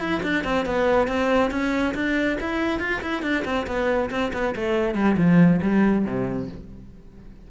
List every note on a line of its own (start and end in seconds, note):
0.00 0.22 E4
0.23 0.44 D4
0.44 0.66 C4
0.66 1.08 B3
1.08 1.51 C4
1.51 1.94 C#4
1.95 2.38 D4
2.41 2.80 E4
2.80 3.01 F4
3.02 3.23 E4
3.23 3.44 D4
3.45 3.67 C4
3.67 4.10 B3
4.11 4.32 C4
4.33 4.55 B3
4.56 4.95 A3
4.95 5.16 G3
5.18 5.61 F3
5.62 6.05 G3
6.05 6.48 C3